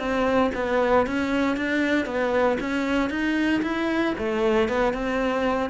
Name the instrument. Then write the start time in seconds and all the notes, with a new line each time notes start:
cello
0.00 C4
0.55 B3
1.07 C#4
1.57 D4
2.06 B3
2.61 C#4
3.10 D#4
3.63 E4
4.19 A3
4.69 B3
4.94 C4